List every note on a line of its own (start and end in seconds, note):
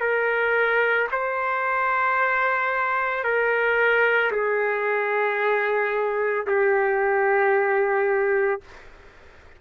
0.00 1.07 A#4
1.12 3.23 C5
3.23 4.31 A#4
4.31 6.46 G#4
6.46 8.61 G4